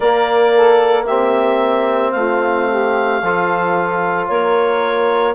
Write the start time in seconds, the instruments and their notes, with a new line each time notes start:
0.00 bassoon A#3, trombone A#3, saxophone A#4, clarinet D5
0.56 saxophone A4
1.04 trombone C4, saxophone G4, clarinet E5
2.11 bassoon A3, saxophone F4, clarinet F5
2.69 saxophone G4
3.21 bassoon F3, trombone F4, saxophone A4
4.28 bassoon A#3, saxophone A#4, clarinet C#5